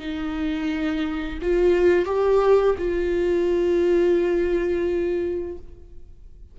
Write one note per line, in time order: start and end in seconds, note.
0.00 1.40 D#4
1.42 2.06 F4
2.06 2.76 G4
2.79 5.58 F4